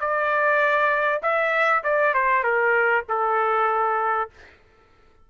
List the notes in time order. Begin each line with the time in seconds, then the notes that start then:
0.00 D5
1.22 E5
1.83 D5
2.14 C5
2.44 A#4
3.09 A4